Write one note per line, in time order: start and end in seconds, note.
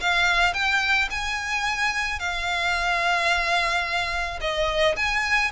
0.00 0.53 F5
0.53 1.08 G5
1.10 2.19 G#5
2.19 4.39 F5
4.40 4.95 D#5
4.96 5.51 G#5